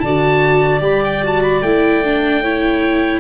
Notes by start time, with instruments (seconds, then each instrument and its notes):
0.00 tuba D3, viola F#4, clarinet D5, oboe A5
0.80 tuba G3, viola G4, oboe B5
1.05 oboe G5
1.23 viola F#4, oboe A5
1.43 oboe B5
1.61 tuba A3, viola E4, oboe G5
2.04 viola D4
2.42 viola E4, clarinet C#5